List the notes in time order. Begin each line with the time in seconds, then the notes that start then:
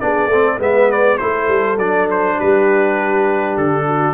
0.00 B3 D4 G#4 D5
0.27 A3 C4 A4
0.59 G#3 B3 B4 E5
0.91 D5
1.18 A3 E4 A4 C5
1.48 G3
1.78 F#3 D4 D5
2.11 C5
2.37 G3 G4 B4
3.57 D3 A4
3.86 F#4